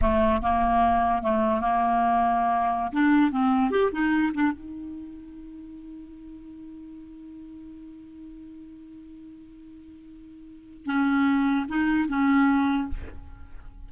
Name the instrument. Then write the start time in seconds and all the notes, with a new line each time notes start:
clarinet
0.01 A3
0.42 A#3
1.22 A3
1.60 A#3
2.92 D4
3.31 C4
3.70 G4
3.92 D#4
4.34 D4
4.52 D#4
10.85 C#4
11.68 D#4
12.08 C#4